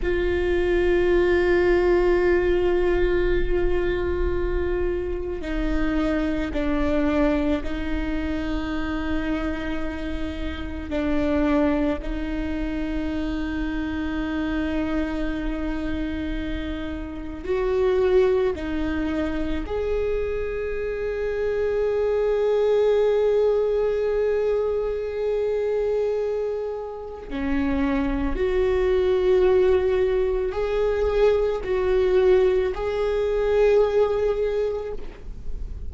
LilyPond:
\new Staff \with { instrumentName = "viola" } { \time 4/4 \tempo 4 = 55 f'1~ | f'4 dis'4 d'4 dis'4~ | dis'2 d'4 dis'4~ | dis'1 |
fis'4 dis'4 gis'2~ | gis'1~ | gis'4 cis'4 fis'2 | gis'4 fis'4 gis'2 | }